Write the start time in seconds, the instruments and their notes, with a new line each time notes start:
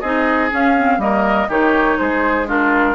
0.00 bassoon C4, clarinet D#4, oboe G#4, flute D#5
0.50 clarinet C#4, bassoon C#4, flute F5
0.77 clarinet C4
0.98 bassoon G3, clarinet A#3, oboe A#4, flute D#5
1.48 bassoon D#3, clarinet D#4, oboe G4, flute C#5
1.98 bassoon G#3, oboe G#4, flute C5
2.46 clarinet D4, oboe F4, flute A#4